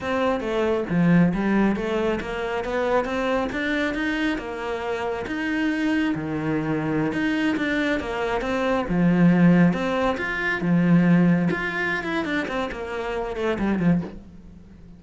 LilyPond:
\new Staff \with { instrumentName = "cello" } { \time 4/4 \tempo 4 = 137 c'4 a4 f4 g4 | a4 ais4 b4 c'4 | d'4 dis'4 ais2 | dis'2 dis2~ |
dis16 dis'4 d'4 ais4 c'8.~ | c'16 f2 c'4 f'8.~ | f'16 f2 f'4~ f'16 e'8 | d'8 c'8 ais4. a8 g8 f8 | }